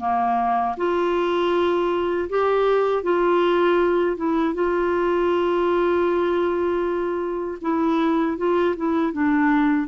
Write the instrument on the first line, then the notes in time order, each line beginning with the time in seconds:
clarinet
0.00 A#3
0.77 F4
2.30 G4
3.03 F4
4.17 E4
4.55 F4
7.62 E4
8.38 F4
8.77 E4
9.13 D4